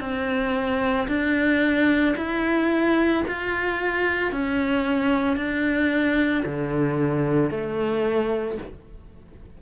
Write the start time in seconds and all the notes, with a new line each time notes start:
0.00 C4
1.07 D4
2.16 E4
3.27 F4
4.31 C#4
5.36 D4
6.45 D3
7.50 A3